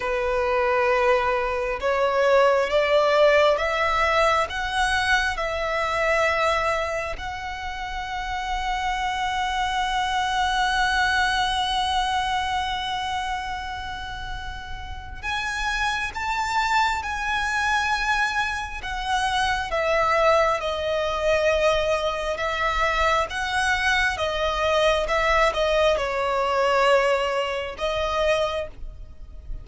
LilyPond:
\new Staff \with { instrumentName = "violin" } { \time 4/4 \tempo 4 = 67 b'2 cis''4 d''4 | e''4 fis''4 e''2 | fis''1~ | fis''1~ |
fis''4 gis''4 a''4 gis''4~ | gis''4 fis''4 e''4 dis''4~ | dis''4 e''4 fis''4 dis''4 | e''8 dis''8 cis''2 dis''4 | }